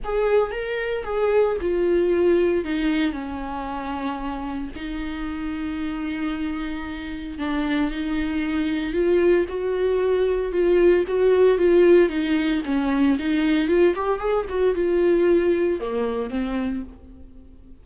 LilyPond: \new Staff \with { instrumentName = "viola" } { \time 4/4 \tempo 4 = 114 gis'4 ais'4 gis'4 f'4~ | f'4 dis'4 cis'2~ | cis'4 dis'2.~ | dis'2 d'4 dis'4~ |
dis'4 f'4 fis'2 | f'4 fis'4 f'4 dis'4 | cis'4 dis'4 f'8 g'8 gis'8 fis'8 | f'2 ais4 c'4 | }